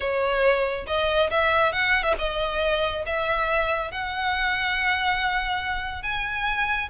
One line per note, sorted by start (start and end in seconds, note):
0.00 0.86 C#5
0.86 1.29 D#5
1.30 1.72 E5
1.72 2.03 F#5
2.03 2.13 E5
2.18 3.04 D#5
3.05 3.91 E5
3.91 6.03 F#5
6.03 6.89 G#5